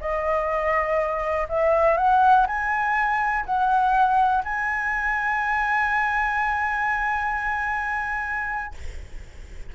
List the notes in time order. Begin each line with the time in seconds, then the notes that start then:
0.00 D#5
1.48 E5
1.97 F#5
2.46 G#5
3.45 F#5
4.44 G#5